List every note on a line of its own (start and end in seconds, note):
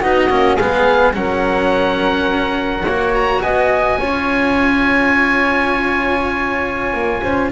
0.00 0.30 B3
0.00 0.30 D#4
0.00 0.56 F#4
0.00 0.57 D#5
0.30 0.58 A#3
0.30 0.58 C#4
0.56 1.15 G#3
0.56 1.13 B3
0.56 1.12 G#4
0.56 1.13 F5
1.13 2.84 F#3
1.13 2.83 C#4
1.13 2.84 A#4
1.13 3.13 F#5
2.84 3.42 A#3
2.84 4.01 F#4
2.84 3.41 C#5
3.14 3.41 A#5
3.41 3.98 B3
3.41 3.99 D#5
3.41 7.51 G#5
3.99 6.94 C#4
3.99 7.51 F4
3.99 7.22 C#5
6.94 7.22 A#3
7.22 7.51 C#4
7.22 7.51 C5